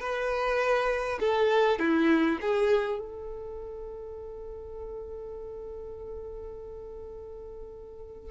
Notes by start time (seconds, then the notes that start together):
0.00 B4
1.20 A4
1.79 E4
2.41 G#4
2.99 A4